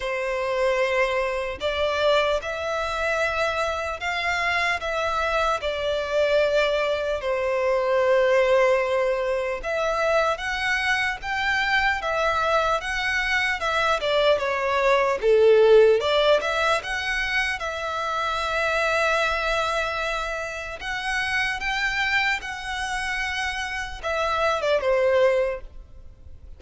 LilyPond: \new Staff \with { instrumentName = "violin" } { \time 4/4 \tempo 4 = 75 c''2 d''4 e''4~ | e''4 f''4 e''4 d''4~ | d''4 c''2. | e''4 fis''4 g''4 e''4 |
fis''4 e''8 d''8 cis''4 a'4 | d''8 e''8 fis''4 e''2~ | e''2 fis''4 g''4 | fis''2 e''8. d''16 c''4 | }